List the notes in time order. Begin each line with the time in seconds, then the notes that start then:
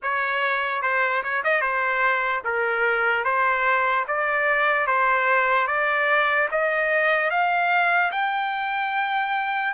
0.02 C#5
0.82 C5
1.23 C#5
1.44 D#5
1.61 C5
2.44 A#4
3.24 C5
4.07 D5
4.86 C5
5.67 D5
6.51 D#5
7.30 F5
8.11 G5